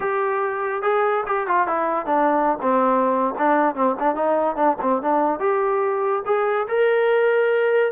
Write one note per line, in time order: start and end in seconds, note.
0.00 0.82 G4
0.82 1.24 G#4
1.26 1.47 G4
1.47 1.67 F4
1.67 2.05 E4
2.05 2.58 D4
2.61 3.34 C4
3.38 3.75 D4
3.75 3.96 C4
3.99 4.15 D4
4.15 4.55 D#4
4.55 4.76 D4
4.81 5.02 C4
5.02 5.39 D4
5.39 6.23 G4
6.25 6.67 G#4
6.68 7.92 A#4